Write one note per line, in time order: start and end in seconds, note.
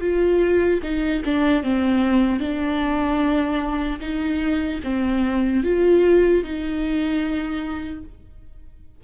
0.00 0.80 F4
0.83 1.23 D#4
1.24 1.63 D4
1.63 2.40 C4
2.40 4.00 D4
4.00 4.80 D#4
4.84 5.64 C4
5.64 6.43 F4
6.43 8.03 D#4